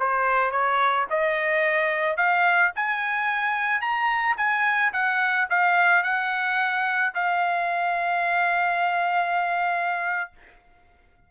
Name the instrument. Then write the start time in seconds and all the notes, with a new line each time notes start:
trumpet
0.00 C5
0.51 C#5
1.10 D#5
2.17 F5
2.76 G#5
3.81 A#5
4.37 G#5
4.93 F#5
5.50 F5
6.03 F#5
7.15 F5